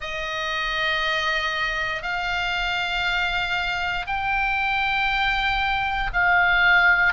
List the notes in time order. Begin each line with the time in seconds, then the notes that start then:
0.00 D#5
2.02 F5
4.07 G5
6.12 F5